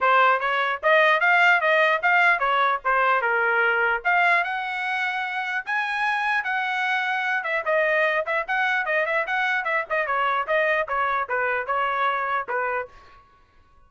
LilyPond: \new Staff \with { instrumentName = "trumpet" } { \time 4/4 \tempo 4 = 149 c''4 cis''4 dis''4 f''4 | dis''4 f''4 cis''4 c''4 | ais'2 f''4 fis''4~ | fis''2 gis''2 |
fis''2~ fis''8 e''8 dis''4~ | dis''8 e''8 fis''4 dis''8 e''8 fis''4 | e''8 dis''8 cis''4 dis''4 cis''4 | b'4 cis''2 b'4 | }